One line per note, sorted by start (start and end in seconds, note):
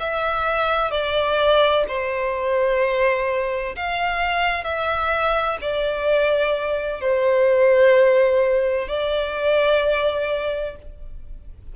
0.00 0.91 E5
0.91 1.85 D5
1.89 3.76 C5
3.76 4.64 F5
4.64 5.58 E5
5.62 7.01 D5
7.01 8.88 C5
8.88 10.76 D5